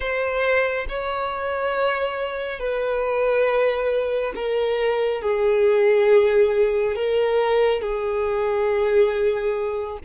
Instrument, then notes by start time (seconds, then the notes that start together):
violin
0.00 C5
0.89 C#5
2.59 B4
4.35 A#4
5.21 G#4
6.95 A#4
7.81 G#4